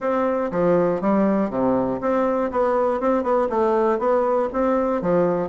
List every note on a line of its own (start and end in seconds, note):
0.00 0.50 C4
0.51 1.01 F3
1.01 1.50 G3
1.50 2.00 C3
2.00 2.50 C4
2.51 3.00 B3
3.00 3.22 C4
3.22 3.47 B3
3.49 3.98 A3
3.98 4.48 B3
4.52 5.01 C4
5.01 5.48 F3